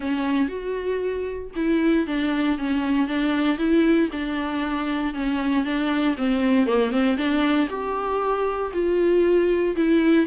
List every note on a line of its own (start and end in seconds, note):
0.00 0.48 C#4
0.48 1.50 F#4
1.55 2.07 E4
2.07 2.58 D4
2.58 3.07 C#4
3.07 3.58 D4
3.58 4.09 E4
4.12 5.14 D4
5.14 5.64 C#4
5.64 6.16 D4
6.17 6.66 C4
6.66 6.91 A#3
6.91 7.16 C4
7.17 7.68 D4
7.69 8.72 G4
8.73 9.75 F4
9.76 10.26 E4